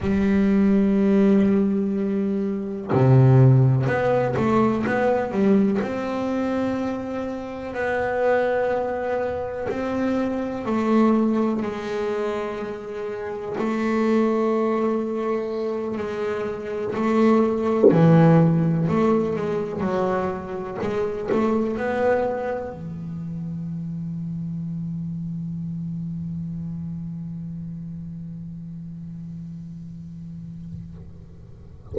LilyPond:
\new Staff \with { instrumentName = "double bass" } { \time 4/4 \tempo 4 = 62 g2. c4 | b8 a8 b8 g8 c'2 | b2 c'4 a4 | gis2 a2~ |
a8 gis4 a4 e4 a8 | gis8 fis4 gis8 a8 b4 e8~ | e1~ | e1 | }